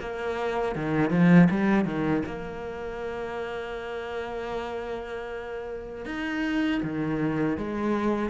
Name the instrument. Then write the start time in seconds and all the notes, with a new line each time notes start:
cello
0.00 A#3
0.75 D#3
1.10 F3
1.50 G3
1.85 D#3
2.25 A#3
6.05 D#4
6.83 D#3
7.57 G#3